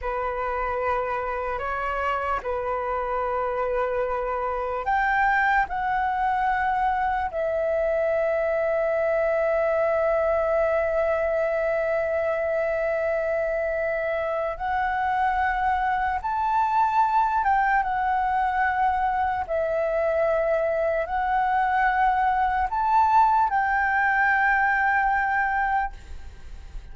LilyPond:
\new Staff \with { instrumentName = "flute" } { \time 4/4 \tempo 4 = 74 b'2 cis''4 b'4~ | b'2 g''4 fis''4~ | fis''4 e''2.~ | e''1~ |
e''2 fis''2 | a''4. g''8 fis''2 | e''2 fis''2 | a''4 g''2. | }